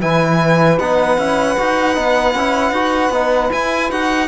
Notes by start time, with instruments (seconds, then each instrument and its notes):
0.00 cello E3, trombone E4, saxophone B4, violin G#5
0.79 cello B3, trombone D#4, violin F#5
1.17 cello C#4, trombone E4
1.57 cello D#4, trombone F#4
1.94 cello B3, trombone D#4
2.35 cello C#4, trombone E4
2.71 cello D#4, trombone F#4
3.10 cello B3, trombone D#4
3.51 trombone E4, cello E4, violin G#5
3.91 cello D#4, trombone F#4, violin F#5